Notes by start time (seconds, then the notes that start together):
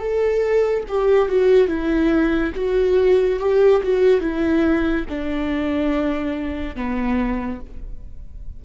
0.00 A4
0.89 G4
1.29 F#4
1.68 E4
2.55 F#4
3.40 G4
3.83 F#4
4.21 E4
5.09 D4
6.76 B3